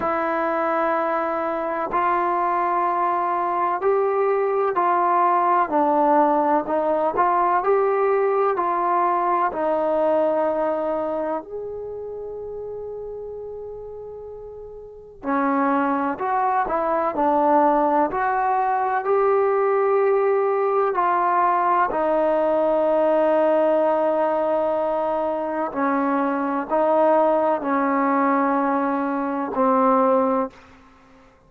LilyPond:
\new Staff \with { instrumentName = "trombone" } { \time 4/4 \tempo 4 = 63 e'2 f'2 | g'4 f'4 d'4 dis'8 f'8 | g'4 f'4 dis'2 | gis'1 |
cis'4 fis'8 e'8 d'4 fis'4 | g'2 f'4 dis'4~ | dis'2. cis'4 | dis'4 cis'2 c'4 | }